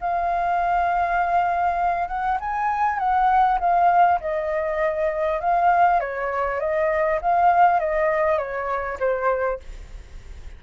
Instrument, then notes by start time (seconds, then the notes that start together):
flute
0.00 F5
2.08 F#5
2.40 G#5
2.98 F#5
3.59 F5
4.20 D#5
5.40 F5
5.99 C#5
6.60 D#5
7.21 F5
7.79 D#5
8.38 C#5
8.99 C5